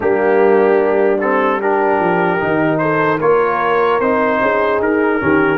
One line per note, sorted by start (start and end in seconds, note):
0.00 1.99 G3
0.00 1.17 A#3
0.00 1.59 D4
0.00 1.20 G4
1.20 1.61 C4
1.20 1.60 A4
1.59 2.39 D4
1.59 2.79 G4
1.59 2.78 A#4
1.99 2.39 F3
2.39 3.20 D#3
2.39 3.19 D#4
2.78 3.20 A4
2.78 3.18 C5
3.20 4.00 A#3
3.20 4.00 F4
3.20 4.40 A#4
3.20 4.00 C#5
4.00 4.40 C4
4.00 5.19 D#4
4.00 4.79 C5
4.41 4.79 C#4
4.41 5.21 G#4
4.79 5.19 D#4
4.79 5.58 A#4
5.19 5.58 D#3
5.19 5.58 C#4
5.19 5.58 G4